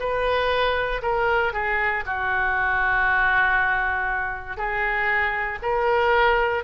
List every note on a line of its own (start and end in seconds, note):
0.00 1.02 B4
1.02 1.53 A#4
1.53 2.04 G#4
2.06 4.57 F#4
4.57 5.58 G#4
5.62 6.64 A#4